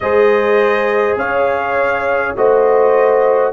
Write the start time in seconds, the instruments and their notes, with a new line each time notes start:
0.00 tuba G#3, trombone G#4, horn C5, trumpet D#5
1.15 tuba C#4, horn C#5, trumpet F5
2.36 tuba A3, trombone F#4, horn C5, trumpet D#5